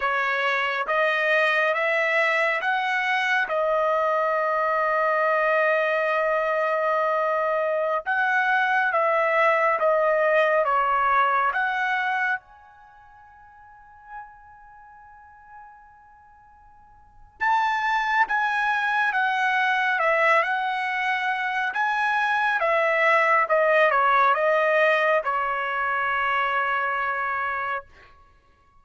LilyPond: \new Staff \with { instrumentName = "trumpet" } { \time 4/4 \tempo 4 = 69 cis''4 dis''4 e''4 fis''4 | dis''1~ | dis''4~ dis''16 fis''4 e''4 dis''8.~ | dis''16 cis''4 fis''4 gis''4.~ gis''16~ |
gis''1 | a''4 gis''4 fis''4 e''8 fis''8~ | fis''4 gis''4 e''4 dis''8 cis''8 | dis''4 cis''2. | }